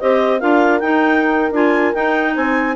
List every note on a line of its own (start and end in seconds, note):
0.00 0.42 C4
0.00 0.40 G4
0.00 0.40 C5
0.00 0.40 D#5
0.40 0.82 D4
0.40 0.81 F4
0.40 2.35 A#4
0.40 0.80 F5
0.80 1.52 D#4
0.80 1.53 D#4
0.80 1.52 G5
1.52 1.93 D4
1.52 1.94 F4
1.52 1.94 G#5
1.94 2.36 D#4
1.94 2.76 D#4
1.94 2.35 G5
2.35 2.76 C4
2.35 2.76 C5
2.35 2.76 G#5